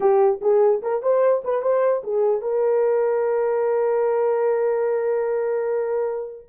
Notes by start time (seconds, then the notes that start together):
0.00 G4
0.41 G#4
0.82 A#4
1.02 C5
1.44 B4
1.61 C5
2.03 G#4
2.41 A#4